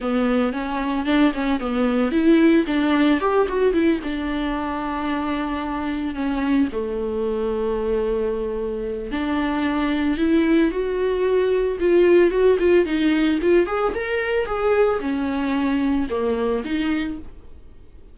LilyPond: \new Staff \with { instrumentName = "viola" } { \time 4/4 \tempo 4 = 112 b4 cis'4 d'8 cis'8 b4 | e'4 d'4 g'8 fis'8 e'8 d'8~ | d'2.~ d'8 cis'8~ | cis'8 a2.~ a8~ |
a4 d'2 e'4 | fis'2 f'4 fis'8 f'8 | dis'4 f'8 gis'8 ais'4 gis'4 | cis'2 ais4 dis'4 | }